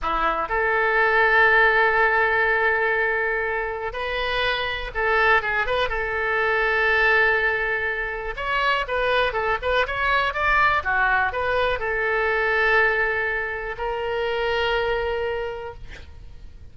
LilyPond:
\new Staff \with { instrumentName = "oboe" } { \time 4/4 \tempo 4 = 122 e'4 a'2.~ | a'1 | b'2 a'4 gis'8 b'8 | a'1~ |
a'4 cis''4 b'4 a'8 b'8 | cis''4 d''4 fis'4 b'4 | a'1 | ais'1 | }